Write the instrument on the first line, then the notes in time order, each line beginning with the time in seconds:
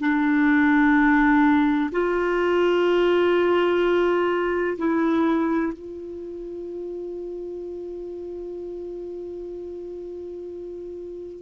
clarinet
0.00 D4
1.92 F4
4.78 E4
5.73 F4